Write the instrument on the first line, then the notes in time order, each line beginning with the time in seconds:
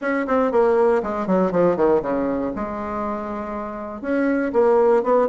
bassoon
0.01 C#4
0.27 C4
0.51 A#3
1.02 G#3
1.27 F#3
1.51 F3
1.76 D#3
2.02 C#3
2.55 G#3
4.01 C#4
4.52 A#3
5.03 B3